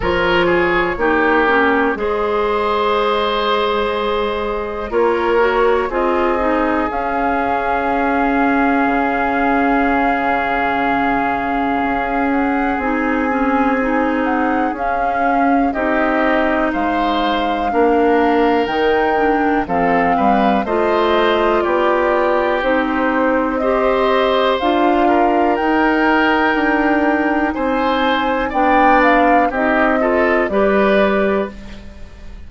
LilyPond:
<<
  \new Staff \with { instrumentName = "flute" } { \time 4/4 \tempo 4 = 61 cis''2 dis''2~ | dis''4 cis''4 dis''4 f''4~ | f''1~ | f''8 fis''8 gis''4. fis''8 f''4 |
dis''4 f''2 g''4 | f''4 dis''4 d''4 c''4 | dis''4 f''4 g''2 | gis''4 g''8 f''8 dis''4 d''4 | }
  \new Staff \with { instrumentName = "oboe" } { \time 4/4 ais'8 gis'8 g'4 c''2~ | c''4 ais'4 gis'2~ | gis'1~ | gis'1 |
g'4 c''4 ais'2 | a'8 b'8 c''4 g'2 | c''4. ais'2~ ais'8 | c''4 d''4 g'8 a'8 b'4 | }
  \new Staff \with { instrumentName = "clarinet" } { \time 4/4 f'4 dis'8 cis'8 gis'2~ | gis'4 f'8 fis'8 f'8 dis'8 cis'4~ | cis'1~ | cis'4 dis'8 cis'8 dis'4 cis'4 |
dis'2 d'4 dis'8 d'8 | c'4 f'2 dis'4 | g'4 f'4 dis'2~ | dis'4 d'4 dis'8 f'8 g'4 | }
  \new Staff \with { instrumentName = "bassoon" } { \time 4/4 f4 ais4 gis2~ | gis4 ais4 c'4 cis'4~ | cis'4 cis2. | cis'4 c'2 cis'4 |
c'4 gis4 ais4 dis4 | f8 g8 a4 b4 c'4~ | c'4 d'4 dis'4 d'4 | c'4 b4 c'4 g4 | }
>>